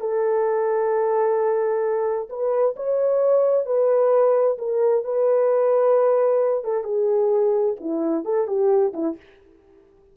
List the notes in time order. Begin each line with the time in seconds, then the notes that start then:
0.00 A4
2.29 B4
2.76 C#5
3.66 B4
4.58 A#4
5.04 B4
6.64 A4
6.84 G#4
7.80 E4
8.24 A4
8.47 G4
8.94 E4